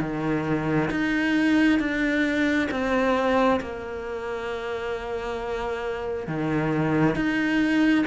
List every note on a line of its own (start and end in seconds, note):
0.00 0.90 D#3
0.90 1.79 D#4
1.79 2.69 D4
2.71 3.60 C4
3.61 6.27 A#3
6.27 7.15 D#3
7.15 8.05 D#4